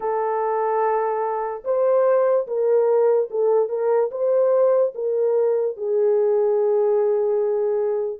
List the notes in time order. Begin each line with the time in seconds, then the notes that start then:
0.00 A4
1.64 C5
2.47 A#4
3.30 A4
3.68 A#4
4.11 C5
4.94 A#4
5.76 G#4